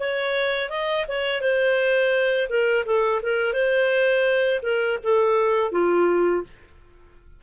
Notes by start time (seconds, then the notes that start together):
0.00 C#5
0.70 D#5
1.08 C#5
1.42 C5
2.50 A#4
2.86 A4
3.23 A#4
3.54 C5
4.63 A#4
5.04 A4
5.72 F4